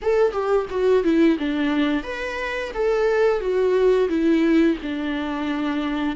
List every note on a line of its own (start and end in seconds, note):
0.02 0.32 A4
0.32 0.66 G4
0.69 1.03 F#4
1.03 1.37 E4
1.38 2.03 D4
2.03 2.71 B4
2.73 3.40 A4
3.40 4.08 F#4
4.08 4.77 E4
4.82 6.16 D4